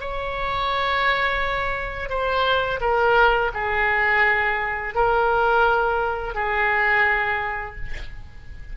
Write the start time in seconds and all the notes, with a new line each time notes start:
0.00 C#5
2.09 C5
2.80 A#4
3.54 G#4
4.94 A#4
6.35 G#4